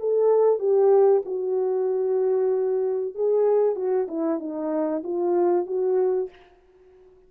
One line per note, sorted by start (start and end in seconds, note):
0.00 0.60 A4
0.60 1.23 G4
1.26 3.15 F#4
3.16 3.76 G#4
3.76 4.08 F#4
4.08 4.40 E4
4.40 5.03 D#4
5.04 5.67 F4
5.67 6.30 F#4